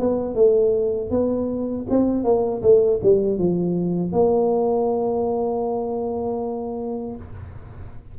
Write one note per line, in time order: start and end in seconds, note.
0.00 0.35 B3
0.35 1.11 A3
1.11 1.87 B3
1.90 2.24 C4
2.24 2.62 A#3
2.63 3.01 A3
3.03 3.39 G3
3.39 4.13 F3
4.13 7.16 A#3